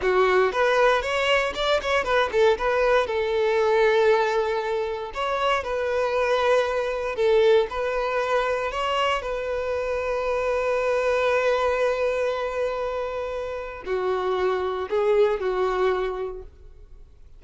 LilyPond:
\new Staff \with { instrumentName = "violin" } { \time 4/4 \tempo 4 = 117 fis'4 b'4 cis''4 d''8 cis''8 | b'8 a'8 b'4 a'2~ | a'2 cis''4 b'4~ | b'2 a'4 b'4~ |
b'4 cis''4 b'2~ | b'1~ | b'2. fis'4~ | fis'4 gis'4 fis'2 | }